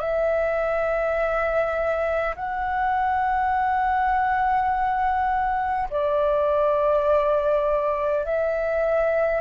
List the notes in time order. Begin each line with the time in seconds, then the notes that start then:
0.00 E5
2.36 F#5
5.90 D5
8.26 E5